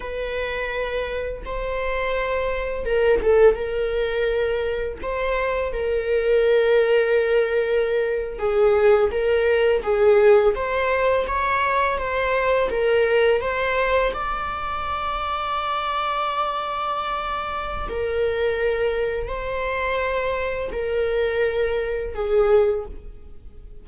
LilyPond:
\new Staff \with { instrumentName = "viola" } { \time 4/4 \tempo 4 = 84 b'2 c''2 | ais'8 a'8 ais'2 c''4 | ais'2.~ ais'8. gis'16~ | gis'8. ais'4 gis'4 c''4 cis''16~ |
cis''8. c''4 ais'4 c''4 d''16~ | d''1~ | d''4 ais'2 c''4~ | c''4 ais'2 gis'4 | }